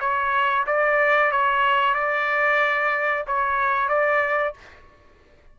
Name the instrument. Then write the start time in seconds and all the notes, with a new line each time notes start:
trumpet
0.00 C#5
0.66 D5
1.31 C#5
1.94 D5
3.27 C#5
3.88 D5